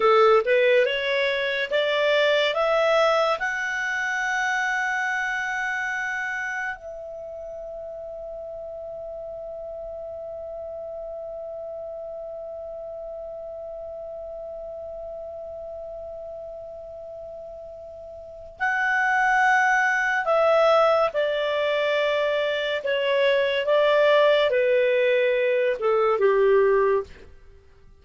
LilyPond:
\new Staff \with { instrumentName = "clarinet" } { \time 4/4 \tempo 4 = 71 a'8 b'8 cis''4 d''4 e''4 | fis''1 | e''1~ | e''1~ |
e''1~ | e''2 fis''2 | e''4 d''2 cis''4 | d''4 b'4. a'8 g'4 | }